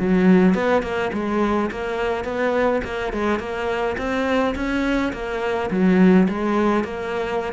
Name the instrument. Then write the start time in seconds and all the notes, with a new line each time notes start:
cello
0.00 F#3
0.55 B3
0.83 A#3
1.14 G#3
1.71 A#3
2.25 B3
2.84 A#3
3.13 G#3
3.40 A#3
3.98 C4
4.56 C#4
5.13 A#3
5.71 F#3
6.29 G#3
6.84 A#3